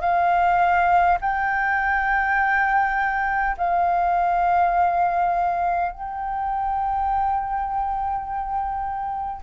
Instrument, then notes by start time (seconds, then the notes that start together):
flute
0.00 F5
1.20 G5
3.57 F5
5.91 G5